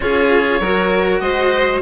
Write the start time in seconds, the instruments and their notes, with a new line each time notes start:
0.00 bassoon C#4, cello F4, violin G#4, oboe C#5
0.60 bassoon F#3, cello F#4, violin A#4
1.19 bassoon G#3, violin C5, oboe D#5